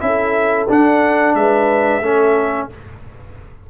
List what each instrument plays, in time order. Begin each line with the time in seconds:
0.00 tuba C#4, trombone E4, horn A4, trumpet E5
0.69 trombone D4, tuba D4, trumpet F#5
1.35 tuba G#3, horn B4, trumpet E5
2.01 tuba A3, trombone C#4, horn A4